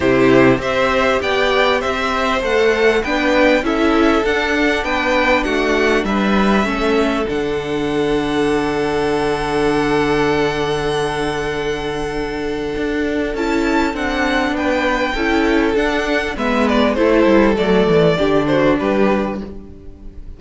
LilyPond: <<
  \new Staff \with { instrumentName = "violin" } { \time 4/4 \tempo 4 = 99 c''4 e''4 g''4 e''4 | fis''4 g''4 e''4 fis''4 | g''4 fis''4 e''2 | fis''1~ |
fis''1~ | fis''2 a''4 fis''4 | g''2 fis''4 e''8 d''8 | c''4 d''4. c''8 b'4 | }
  \new Staff \with { instrumentName = "violin" } { \time 4/4 g'4 c''4 d''4 c''4~ | c''4 b'4 a'2 | b'4 fis'4 b'4 a'4~ | a'1~ |
a'1~ | a'1 | b'4 a'2 b'4 | a'2 g'8 fis'8 g'4 | }
  \new Staff \with { instrumentName = "viola" } { \time 4/4 e'4 g'2. | a'4 d'4 e'4 d'4~ | d'2. cis'4 | d'1~ |
d'1~ | d'2 e'4 d'4~ | d'4 e'4 d'4 b4 | e'4 a4 d'2 | }
  \new Staff \with { instrumentName = "cello" } { \time 4/4 c4 c'4 b4 c'4 | a4 b4 cis'4 d'4 | b4 a4 g4 a4 | d1~ |
d1~ | d4 d'4 cis'4 c'4 | b4 cis'4 d'4 gis4 | a8 g8 fis8 e8 d4 g4 | }
>>